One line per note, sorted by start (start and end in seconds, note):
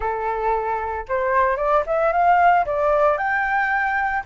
0.00 1.05 A4
1.08 1.56 C5
1.56 1.83 D5
1.86 2.12 E5
2.12 2.65 F5
2.65 3.17 D5
3.17 4.23 G5